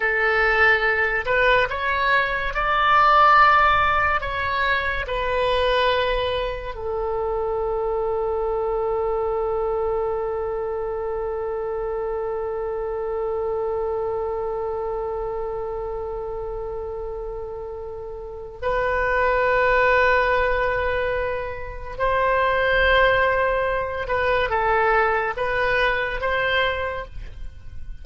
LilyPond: \new Staff \with { instrumentName = "oboe" } { \time 4/4 \tempo 4 = 71 a'4. b'8 cis''4 d''4~ | d''4 cis''4 b'2 | a'1~ | a'1~ |
a'1~ | a'2 b'2~ | b'2 c''2~ | c''8 b'8 a'4 b'4 c''4 | }